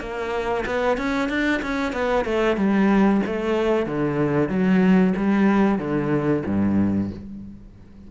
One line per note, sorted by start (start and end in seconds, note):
0.00 0.65 A#3
0.66 0.97 B3
0.97 1.29 C#4
1.29 1.61 D4
1.62 1.92 C#4
1.92 2.25 B3
2.25 2.56 A3
2.56 3.21 G3
3.26 3.86 A3
3.86 4.49 D3
4.49 5.13 F#3
5.16 5.78 G3
5.78 6.43 D3
6.46 7.10 G2